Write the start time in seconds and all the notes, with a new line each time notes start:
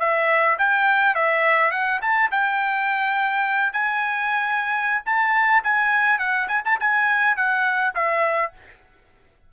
0.00 E5
0.59 G5
1.15 E5
1.72 F#5
2.02 A5
2.32 G5
3.73 G#5
5.06 A5
5.64 G#5
6.19 F#5
6.48 G#5
6.65 A5
6.81 G#5
7.37 F#5
7.95 E5